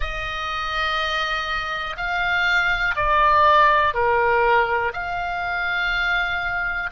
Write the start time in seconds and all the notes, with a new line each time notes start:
0.00 D#5
1.96 F5
2.95 D5
3.93 A#4
4.93 F5